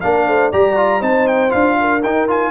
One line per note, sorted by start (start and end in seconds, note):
0.00 0.27 A#3
0.00 0.52 D4
0.00 0.26 A#4
0.00 0.50 F5
0.27 0.52 A3
0.27 0.51 C5
0.51 1.01 G3
0.51 0.76 G4
0.51 1.00 D5
0.51 1.02 A#5
0.76 1.00 F4
1.00 1.52 C4
1.00 1.49 D#4
1.00 1.76 C5
1.00 1.27 A5
1.27 1.51 G5
1.49 2.04 D4
1.49 1.99 F4
1.49 2.01 F5
1.80 2.51 A#4
2.03 2.51 D#4
2.03 2.27 D#4
2.03 2.28 G5
2.27 2.51 F4
2.27 2.51 G#5